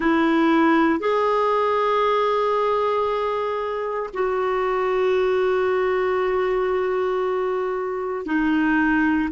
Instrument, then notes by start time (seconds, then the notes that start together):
clarinet
0.00 E4
0.99 G#4
4.13 F#4
8.25 D#4